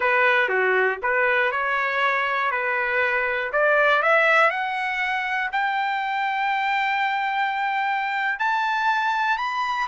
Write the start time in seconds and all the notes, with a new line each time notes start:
0.00 B4
0.48 F#4
1.02 B4
1.51 C#5
2.51 B4
3.52 D5
4.02 E5
4.50 F#5
5.52 G5
8.39 A5
9.37 B5